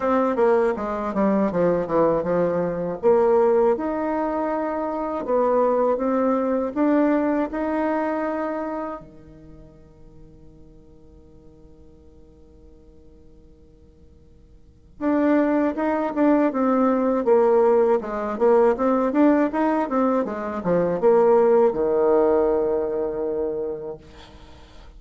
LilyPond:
\new Staff \with { instrumentName = "bassoon" } { \time 4/4 \tempo 4 = 80 c'8 ais8 gis8 g8 f8 e8 f4 | ais4 dis'2 b4 | c'4 d'4 dis'2 | dis1~ |
dis1 | d'4 dis'8 d'8 c'4 ais4 | gis8 ais8 c'8 d'8 dis'8 c'8 gis8 f8 | ais4 dis2. | }